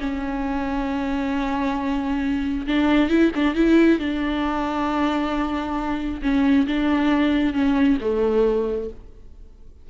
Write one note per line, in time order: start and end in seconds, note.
0.00 2.67 C#4
2.67 3.10 D4
3.10 3.32 E4
3.35 3.55 D4
3.55 3.99 E4
3.99 6.22 D4
6.22 6.67 C#4
6.67 7.54 D4
7.54 7.98 C#4
8.01 8.90 A3